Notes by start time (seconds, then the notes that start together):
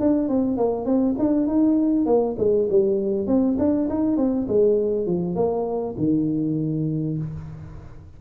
0.00 D4
0.29 C4
0.57 A#3
0.86 C4
1.19 D4
1.47 D#4
2.06 A#3
2.38 G#3
2.70 G3
3.27 C4
3.59 D4
3.89 D#4
4.17 C4
4.48 G#3
5.06 F3
5.35 A#3
5.98 D#3